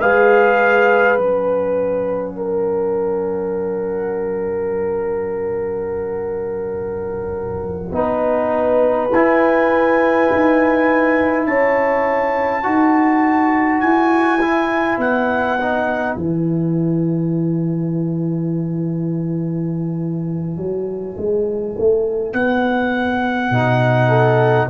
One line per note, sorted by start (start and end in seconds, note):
0.00 1.17 G#3
0.00 1.16 G#4
0.00 2.35 B4
0.00 1.18 F5
1.16 7.91 F#3
1.16 7.92 C#4
1.16 9.12 F#5
2.36 7.94 A#4
7.91 9.09 B3
7.91 9.09 D#4
7.91 11.47 B4
9.12 10.29 E4
9.12 12.63 E4
9.12 11.46 G#5
10.31 11.47 D#4
11.46 12.65 C#4
11.46 12.64 C#5
11.46 13.80 A5
12.63 13.82 D#4
12.63 14.39 F#4
12.63 24.08 B4
13.80 14.97 E4
13.80 14.98 G#5
14.41 15.59 E4
14.97 16.15 B3
14.97 16.16 F#5
15.59 16.17 D#4
16.16 20.56 E3
16.16 23.53 E4
16.16 22.33 G#5
20.56 21.15 F#3
21.17 21.76 G#3
21.78 22.33 A3
22.33 23.50 B3
22.33 24.68 F#5
23.50 24.68 B2
23.50 24.69 D#4
24.08 24.67 A4